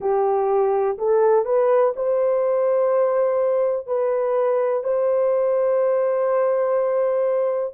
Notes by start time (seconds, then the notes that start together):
0.00 G4
0.98 A4
1.45 B4
1.96 C5
3.87 B4
4.83 C5